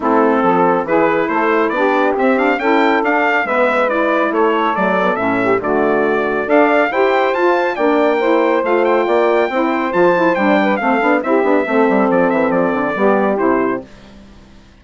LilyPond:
<<
  \new Staff \with { instrumentName = "trumpet" } { \time 4/4 \tempo 4 = 139 a'2 b'4 c''4 | d''4 e''8 f''8 g''4 f''4 | e''4 d''4 cis''4 d''4 | e''4 d''2 f''4 |
g''4 a''4 g''2 | f''8 g''2~ g''8 a''4 | g''4 f''4 e''2 | d''8 e''8 d''2 c''4 | }
  \new Staff \with { instrumentName = "saxophone" } { \time 4/4 e'4 a'4 gis'4 a'4 | g'2 a'2 | b'2 a'2~ | a'8 g'8 fis'2 d''4 |
c''2 d''4 c''4~ | c''4 d''4 c''2~ | c''8 b'8 a'4 g'4 a'4~ | a'2 g'2 | }
  \new Staff \with { instrumentName = "saxophone" } { \time 4/4 c'2 e'2 | d'4 c'8 d'8 e'4 d'4 | b4 e'2 a8 b8 | cis'4 a2 a'4 |
g'4 f'4 d'4 e'4 | f'2 e'4 f'8 e'8 | d'4 c'8 d'8 e'8 d'8 c'4~ | c'2 b4 e'4 | }
  \new Staff \with { instrumentName = "bassoon" } { \time 4/4 a4 f4 e4 a4 | b4 c'4 cis'4 d'4 | gis2 a4 fis4 | a,4 d2 d'4 |
e'4 f'4 ais2 | a4 ais4 c'4 f4 | g4 a8 b8 c'8 b8 a8 g8 | f8 e8 f8 d8 g4 c4 | }
>>